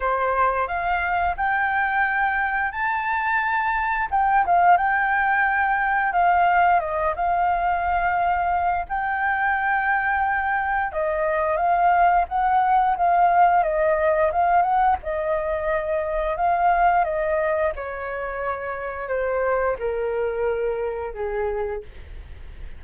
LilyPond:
\new Staff \with { instrumentName = "flute" } { \time 4/4 \tempo 4 = 88 c''4 f''4 g''2 | a''2 g''8 f''8 g''4~ | g''4 f''4 dis''8 f''4.~ | f''4 g''2. |
dis''4 f''4 fis''4 f''4 | dis''4 f''8 fis''8 dis''2 | f''4 dis''4 cis''2 | c''4 ais'2 gis'4 | }